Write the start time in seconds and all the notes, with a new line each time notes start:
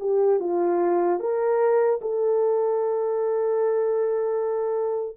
0.00 G4
0.40 F4
1.20 A#4
2.02 A4